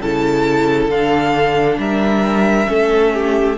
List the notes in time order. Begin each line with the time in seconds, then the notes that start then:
0.00 C#3 E4 A4 A5
0.88 D3 D4 F5
1.78 G3 A#4 E5
2.66 A3 C#4 A4
3.14 G4